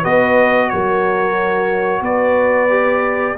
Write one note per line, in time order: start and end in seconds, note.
0.00 0.71 B3
0.00 2.69 F#4
0.00 0.67 B4
0.00 0.69 D#5
0.69 2.01 F#3
0.69 2.02 A#4
0.69 2.02 C#5
2.01 3.34 B3
2.01 3.35 B4
2.01 3.37 D5
2.69 3.35 G4